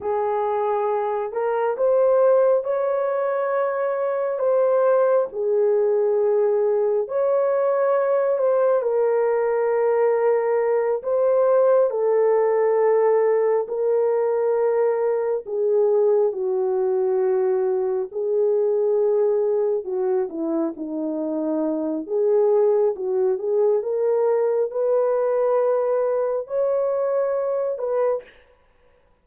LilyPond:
\new Staff \with { instrumentName = "horn" } { \time 4/4 \tempo 4 = 68 gis'4. ais'8 c''4 cis''4~ | cis''4 c''4 gis'2 | cis''4. c''8 ais'2~ | ais'8 c''4 a'2 ais'8~ |
ais'4. gis'4 fis'4.~ | fis'8 gis'2 fis'8 e'8 dis'8~ | dis'4 gis'4 fis'8 gis'8 ais'4 | b'2 cis''4. b'8 | }